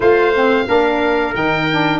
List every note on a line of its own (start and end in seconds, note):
0.00 0.66 A3
0.00 0.32 F4
0.00 0.66 C5
0.00 1.35 F5
0.34 0.67 C4
0.67 1.34 A#3
0.67 1.34 D4
0.67 2.00 A#4
1.34 2.00 D#3
1.34 1.67 D#4
1.34 2.00 G5
1.70 2.00 D4